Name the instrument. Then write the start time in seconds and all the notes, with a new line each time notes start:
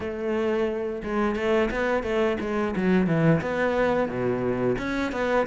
cello
0.00 A3
1.03 G#3
1.35 A3
1.70 B3
2.03 A3
2.40 G#3
2.76 F#3
3.07 E3
3.41 B3
4.08 B2
4.77 C#4
5.12 B3